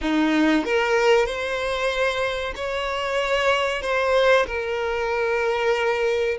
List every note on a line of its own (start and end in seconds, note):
0.01 0.64 D#4
0.64 1.26 A#4
1.26 2.53 C5
2.55 3.82 C#5
3.82 4.46 C5
4.46 6.37 A#4